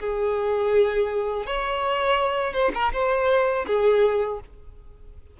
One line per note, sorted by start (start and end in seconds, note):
0.00 1.46 G#4
1.46 2.53 C#5
2.53 2.72 C5
2.74 2.93 A#4
2.93 3.66 C5
3.67 4.40 G#4